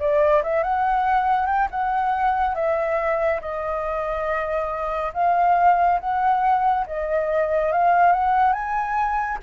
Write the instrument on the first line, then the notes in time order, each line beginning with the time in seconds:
flute
0.00 D5
0.44 E5
0.64 F#5
1.47 G5
1.71 F#5
2.55 E5
3.42 D#5
5.14 F5
6.00 F#5
6.87 D#5
7.73 F5
8.13 F#5
8.53 G#5